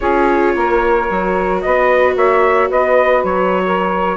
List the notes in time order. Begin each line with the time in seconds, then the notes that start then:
0.00 C#4 F4 G#4 C#5
0.55 A#3 A#4
1.10 F#3 F#4
1.61 B3 B4 D#5
2.15 A#3 C#5 E5
2.68 B3 B4 D#5
3.23 F#3 C#5
3.65 A#4